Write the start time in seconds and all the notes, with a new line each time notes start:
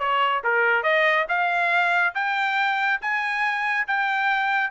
0.00 C#5
0.44 A#4
0.84 D#5
1.29 F5
2.15 G5
3.02 G#5
3.88 G5